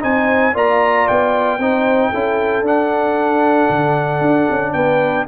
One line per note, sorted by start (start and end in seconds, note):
0.00 0.54 C4
0.00 0.53 D#4
0.00 0.54 C5
0.00 0.55 G#5
0.54 1.07 A#3
0.54 1.59 F4
0.54 1.60 D5
0.54 1.08 A#5
1.08 1.58 B3
1.08 2.66 G5
1.58 2.10 C4
1.58 2.13 D#4
1.58 2.09 C5
2.09 2.62 C#4
2.09 2.65 E4
2.09 4.72 A4
2.62 3.67 D4
2.62 5.27 D4
2.62 4.73 F#5
3.70 4.21 D3
4.21 4.47 D4
4.50 4.74 C#4
4.73 5.26 B3
4.73 5.27 B4
4.73 5.25 G5